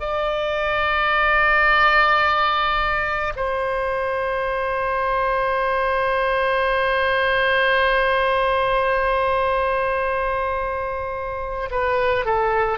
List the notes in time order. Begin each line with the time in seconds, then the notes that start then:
0.00 D5
3.36 C5
11.71 B4
12.25 A4